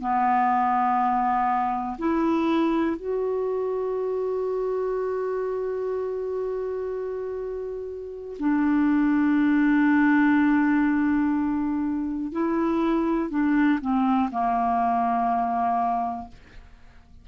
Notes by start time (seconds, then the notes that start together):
0.00 B3
1.98 E4
2.96 F#4
8.39 D4
12.32 E4
13.30 D4
13.81 C4
14.31 A#3